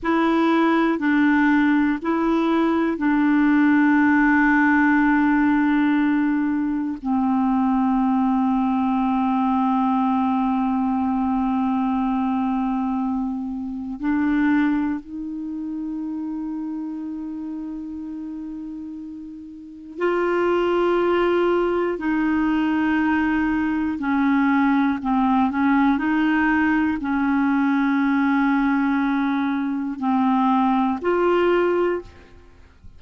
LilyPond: \new Staff \with { instrumentName = "clarinet" } { \time 4/4 \tempo 4 = 60 e'4 d'4 e'4 d'4~ | d'2. c'4~ | c'1~ | c'2 d'4 dis'4~ |
dis'1 | f'2 dis'2 | cis'4 c'8 cis'8 dis'4 cis'4~ | cis'2 c'4 f'4 | }